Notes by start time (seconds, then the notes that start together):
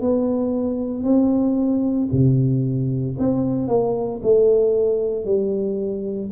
0.00 B3
1.03 C4
2.11 C3
3.19 C4
3.67 A#3
4.22 A3
5.24 G3